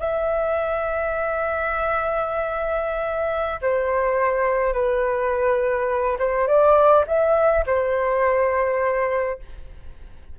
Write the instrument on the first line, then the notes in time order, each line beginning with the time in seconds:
flute
0.00 E5
3.62 C5
4.74 B4
6.19 C5
6.47 D5
7.08 E5
7.67 C5